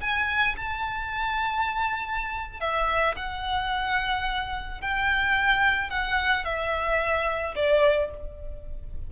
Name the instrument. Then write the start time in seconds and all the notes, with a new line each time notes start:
violin
0.00 G#5
0.56 A5
2.60 E5
3.16 F#5
4.81 G5
5.89 F#5
6.44 E5
7.55 D5